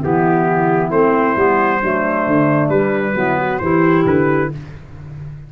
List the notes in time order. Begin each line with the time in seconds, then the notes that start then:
0.00 E3 B3 E4 G4
0.90 A3 C4 C5
1.35 G3 B3
1.81 F#3 A3 D4
2.26 D3
2.69 G3 B4
3.15 F#3 B3 E4
3.38 F#4
3.58 E3 E4 G4 C5
4.05 D3 B4